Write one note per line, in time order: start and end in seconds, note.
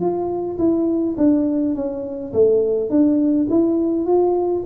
0.00 0.58 F4
0.58 1.16 E4
1.17 1.75 D4
1.75 2.32 C#4
2.33 2.90 A3
2.90 3.47 D4
3.50 4.06 E4
4.06 4.63 F4